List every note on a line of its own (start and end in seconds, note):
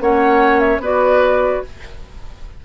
0.00 0.79 A#3
0.00 0.81 C#4
0.00 0.82 C#5
0.00 0.60 F#5
0.60 0.80 E5
0.79 1.60 B3
0.79 1.64 F#4
0.79 1.63 B4
0.79 1.65 D5